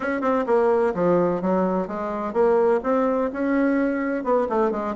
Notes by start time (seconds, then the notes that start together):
0.00 C#4
0.21 C4
0.46 A#3
0.94 F3
1.41 F#3
1.87 G#3
2.33 A#3
2.83 C4
3.32 C#4
4.24 B3
4.49 A3
4.71 G#3